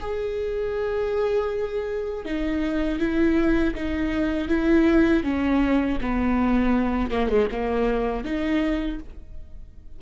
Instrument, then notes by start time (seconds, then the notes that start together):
viola
0.00 G#4
2.25 D#4
2.99 E4
3.74 D#4
4.48 E4
5.23 C#4
6.01 B3
7.11 A#3
7.29 G#3
7.51 A#3
8.24 D#4